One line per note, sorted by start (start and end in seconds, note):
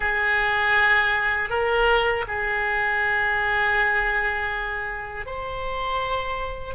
0.00 1.49 G#4
1.49 2.24 A#4
2.27 5.26 G#4
5.26 6.74 C5